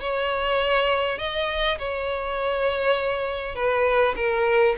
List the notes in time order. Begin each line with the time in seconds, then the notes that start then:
0.00 C#5
1.18 D#5
1.78 C#5
3.55 B4
4.16 A#4